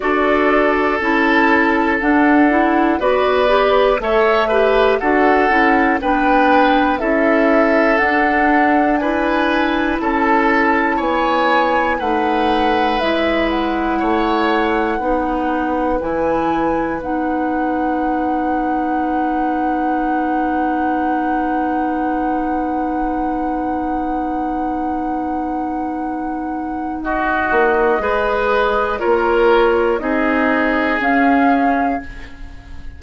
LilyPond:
<<
  \new Staff \with { instrumentName = "flute" } { \time 4/4 \tempo 4 = 60 d''4 a''4 fis''4 d''4 | e''4 fis''4 g''4 e''4 | fis''4 gis''4 a''4 gis''4 | fis''4 e''8 fis''2~ fis''8 |
gis''4 fis''2.~ | fis''1~ | fis''2. dis''4~ | dis''4 cis''4 dis''4 f''4 | }
  \new Staff \with { instrumentName = "oboe" } { \time 4/4 a'2. b'4 | cis''8 b'8 a'4 b'4 a'4~ | a'4 b'4 a'4 cis''4 | b'2 cis''4 b'4~ |
b'1~ | b'1~ | b'2. fis'4 | b'4 ais'4 gis'2 | }
  \new Staff \with { instrumentName = "clarinet" } { \time 4/4 fis'4 e'4 d'8 e'8 fis'8 g'8 | a'8 g'8 fis'8 e'8 d'4 e'4 | d'4 e'2. | dis'4 e'2 dis'4 |
e'4 dis'2.~ | dis'1~ | dis'1 | gis'4 f'4 dis'4 cis'4 | }
  \new Staff \with { instrumentName = "bassoon" } { \time 4/4 d'4 cis'4 d'4 b4 | a4 d'8 cis'8 b4 cis'4 | d'2 cis'4 b4 | a4 gis4 a4 b4 |
e4 b2.~ | b1~ | b2.~ b8 ais8 | gis4 ais4 c'4 cis'4 | }
>>